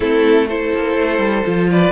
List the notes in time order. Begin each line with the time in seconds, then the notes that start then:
0.00 A3 C4 E4 A4
0.48 E4 A4 C5
0.74 A#3
0.97 A3
1.18 G3
1.44 F3 F4
1.70 B4 D5